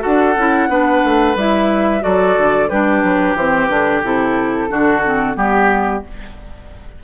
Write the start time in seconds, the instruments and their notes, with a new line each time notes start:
0.00 bassoon D4, clarinet F#4, oboe A4, flute F#5
0.36 bassoon C#4, clarinet E4
0.69 bassoon B3, clarinet D4, oboe B4
1.04 bassoon A3
1.35 bassoon G3, clarinet E4, flute E5
2.01 bassoon F#3, clarinet F#4, oboe A4, flute D5
2.37 bassoon D3
2.69 bassoon G3, clarinet D4, oboe G4, flute B4
3.04 bassoon F#3
3.35 bassoon E3, clarinet C4, flute C5
3.66 bassoon D3, clarinet D4, flute B4
4.04 bassoon C3, clarinet E4, flute A4
4.69 bassoon D3, clarinet D4, oboe F#4
5.05 clarinet C4
5.35 bassoon G3, clarinet B3, flute G4, oboe G4